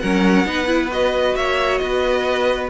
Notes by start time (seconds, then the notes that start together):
0.00 F#3 C#4 A#4 F#5
0.45 B3 D#4 B4
0.67 E4
0.92 F#4 D#5
1.35 A#3 C#5 E5
1.78 B3 B4 D#5